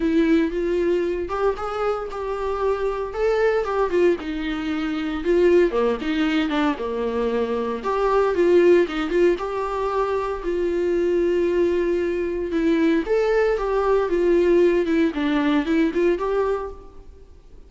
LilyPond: \new Staff \with { instrumentName = "viola" } { \time 4/4 \tempo 4 = 115 e'4 f'4. g'8 gis'4 | g'2 a'4 g'8 f'8 | dis'2 f'4 ais8 dis'8~ | dis'8 d'8 ais2 g'4 |
f'4 dis'8 f'8 g'2 | f'1 | e'4 a'4 g'4 f'4~ | f'8 e'8 d'4 e'8 f'8 g'4 | }